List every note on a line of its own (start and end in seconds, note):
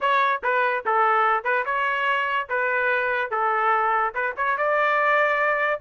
0.00 0.42 C#5
0.43 0.84 B4
0.85 1.44 A4
1.44 1.64 B4
1.65 2.48 C#5
2.49 3.30 B4
3.30 4.13 A4
4.14 4.34 B4
4.37 4.57 C#5
4.57 5.80 D5